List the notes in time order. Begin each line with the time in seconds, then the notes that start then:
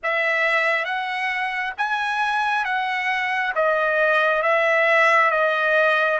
0.03 E5
0.85 F#5
1.77 G#5
2.65 F#5
3.55 D#5
4.42 E5
5.31 D#5